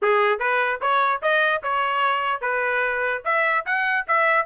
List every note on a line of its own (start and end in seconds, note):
0.02 0.39 G#4
0.39 0.79 B4
0.81 1.21 C#5
1.22 1.62 D#5
1.62 2.41 C#5
2.41 3.22 B4
3.24 3.65 E5
3.65 4.06 F#5
4.07 4.46 E5